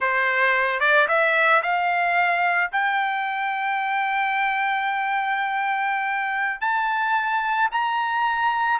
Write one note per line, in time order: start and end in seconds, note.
0.00 0.80 C5
0.80 1.07 D5
1.08 1.62 E5
1.62 2.70 F5
2.72 6.61 G5
6.61 7.69 A5
7.71 8.79 A#5